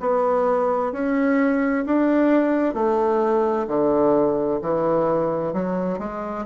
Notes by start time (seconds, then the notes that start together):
0.00 B3
0.92 C#4
1.86 D4
2.74 A3
3.68 D3
4.62 E3
5.53 F#3
5.99 G#3